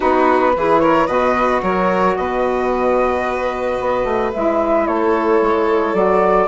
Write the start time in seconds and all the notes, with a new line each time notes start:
0.00 B3 D#4 F#4 B4
0.56 E3 E4 G#4
0.79 A#4 C#5
1.06 B2 F#4 B4 D#5
1.62 F#3 A#4 C#5
2.16 B2 B4 D#5
3.80 B3
4.04 A3
4.33 G#3 E4 E5
4.87 A3 A4 C#5
5.41 G#3
5.93 F#3 F#4 D5